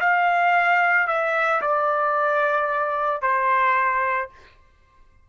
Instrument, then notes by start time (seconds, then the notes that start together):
trumpet
0.00 F5
1.07 E5
1.61 D5
3.21 C5